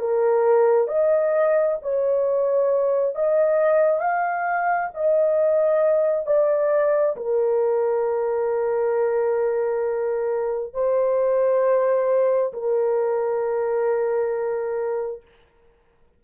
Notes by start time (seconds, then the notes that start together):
0.00 A#4
0.88 D#5
1.82 C#5
3.15 D#5
4.01 F5
4.94 D#5
6.27 D5
7.16 A#4
10.74 C5
12.54 A#4